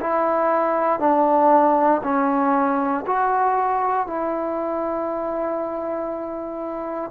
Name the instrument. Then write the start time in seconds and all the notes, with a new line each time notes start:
trombone
0.00 E4
0.99 D4
2.03 C#4
3.06 F#4
4.07 E4